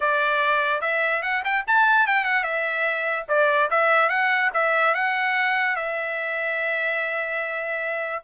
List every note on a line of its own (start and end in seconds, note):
0.00 0.81 D5
0.81 1.22 E5
1.22 1.43 F#5
1.44 1.64 G5
1.67 2.07 A5
2.07 2.24 G5
2.24 2.43 F#5
2.43 3.25 E5
3.28 3.69 D5
3.70 4.09 E5
4.09 4.50 F#5
4.53 4.94 E5
4.94 5.76 F#5
5.76 8.22 E5